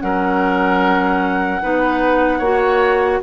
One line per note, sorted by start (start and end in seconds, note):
0.00 1.63 F#3
0.00 1.60 C#4
0.00 1.63 A#4
0.00 3.21 F#5
1.63 2.40 B3
1.63 2.43 D#4
1.63 2.39 B4
2.39 3.20 A#3
2.39 3.23 F#4
2.39 3.19 C#5